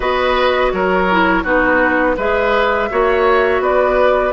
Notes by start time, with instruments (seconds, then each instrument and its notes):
0.00 bassoon B3, clarinet F#4, oboe B4, flute D#5
0.71 bassoon F#3, oboe A#4, flute C#5
1.10 clarinet E4
1.43 bassoon B3, clarinet D#4, oboe F#4, flute B4
2.17 bassoon G#3, clarinet G#4, oboe B4, flute E5
2.89 bassoon A#3, clarinet F#4, oboe C#5
3.60 bassoon B3, oboe B4, flute D5